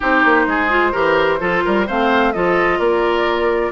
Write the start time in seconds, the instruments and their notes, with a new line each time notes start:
0.00 bassoon C4, clarinet D#4, oboe G4, flute C5
0.24 bassoon A#3
0.46 bassoon G#3, oboe G#4
0.69 clarinet F4
0.92 bassoon E3, clarinet G4, oboe A#4
1.39 bassoon F3, clarinet F4, oboe A4
1.64 bassoon G3, oboe A#4
1.86 bassoon A3, clarinet C4, oboe C5, flute F5
2.33 bassoon F3, clarinet F4, oboe A4, flute D#5
2.78 bassoon A#3, oboe A#4, flute D5